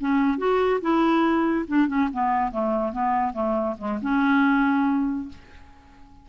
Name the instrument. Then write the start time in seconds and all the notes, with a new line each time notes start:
clarinet
0.00 C#4
0.38 F#4
0.81 E4
1.68 D4
1.88 C#4
2.13 B3
2.52 A3
2.93 B3
3.33 A3
3.78 G#3
4.02 C#4